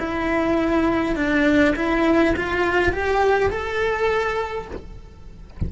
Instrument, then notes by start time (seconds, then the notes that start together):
cello
0.00 E4
1.17 D4
1.76 E4
2.36 F4
2.93 G4
3.50 A4